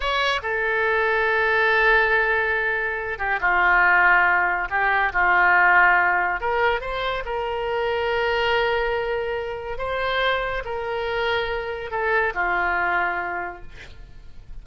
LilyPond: \new Staff \with { instrumentName = "oboe" } { \time 4/4 \tempo 4 = 141 cis''4 a'2.~ | a'2.~ a'8 g'8 | f'2. g'4 | f'2. ais'4 |
c''4 ais'2.~ | ais'2. c''4~ | c''4 ais'2. | a'4 f'2. | }